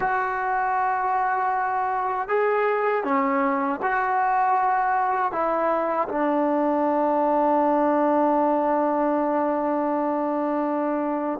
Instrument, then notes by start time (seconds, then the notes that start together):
trombone
0.00 F#4
2.28 G#4
3.04 C#4
3.82 F#4
5.32 E4
6.08 D4